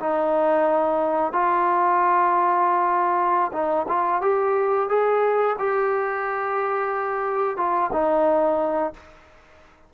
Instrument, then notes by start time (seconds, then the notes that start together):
trombone
0.00 D#4
1.33 F4
3.53 D#4
3.88 F4
4.22 G4
4.89 G#4
5.59 G4
7.57 F4
7.93 D#4